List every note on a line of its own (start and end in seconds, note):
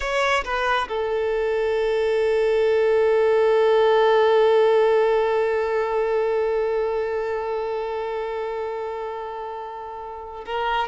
0.00 0.43 C#5
0.44 0.87 B4
0.88 10.45 A4
10.45 10.87 A#4